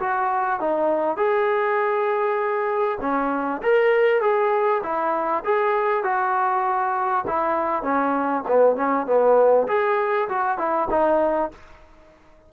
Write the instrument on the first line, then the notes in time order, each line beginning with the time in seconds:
trombone
0.00 F#4
0.61 D#4
1.17 G#4
3.01 C#4
3.63 A#4
4.21 G#4
4.83 E4
5.45 G#4
6.04 F#4
7.28 E4
7.83 C#4
8.48 B3
8.76 C#4
9.07 B3
9.68 G#4
10.29 F#4
10.58 E4
10.91 D#4